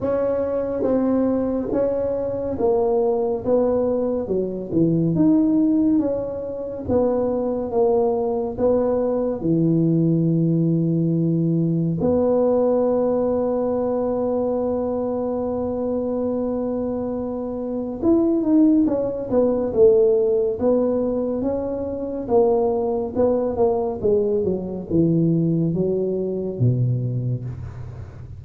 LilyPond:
\new Staff \with { instrumentName = "tuba" } { \time 4/4 \tempo 4 = 70 cis'4 c'4 cis'4 ais4 | b4 fis8 e8 dis'4 cis'4 | b4 ais4 b4 e4~ | e2 b2~ |
b1~ | b4 e'8 dis'8 cis'8 b8 a4 | b4 cis'4 ais4 b8 ais8 | gis8 fis8 e4 fis4 b,4 | }